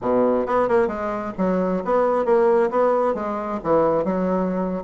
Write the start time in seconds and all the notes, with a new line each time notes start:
0.01 B2
0.46 B3
0.68 A#3
0.87 G#3
1.37 F#3
1.84 B3
2.25 A#3
2.70 B3
3.14 G#3
3.63 E3
4.04 F#3